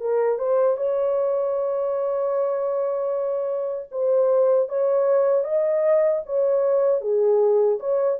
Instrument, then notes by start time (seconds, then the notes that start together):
horn
0.00 A#4
0.39 C5
0.77 C#5
3.91 C5
4.69 C#5
5.44 D#5
6.26 C#5
7.01 G#4
7.80 C#5